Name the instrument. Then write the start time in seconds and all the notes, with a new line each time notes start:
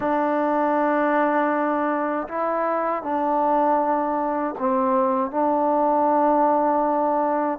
trombone
0.00 D4
2.28 E4
3.02 D4
4.58 C4
5.30 D4